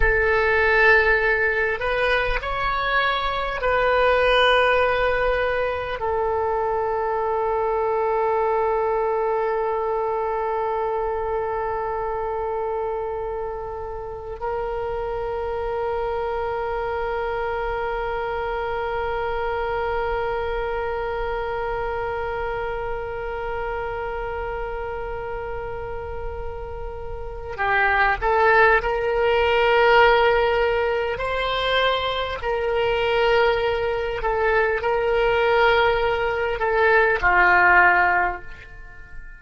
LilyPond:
\new Staff \with { instrumentName = "oboe" } { \time 4/4 \tempo 4 = 50 a'4. b'8 cis''4 b'4~ | b'4 a'2.~ | a'1 | ais'1~ |
ais'1~ | ais'2. g'8 a'8 | ais'2 c''4 ais'4~ | ais'8 a'8 ais'4. a'8 f'4 | }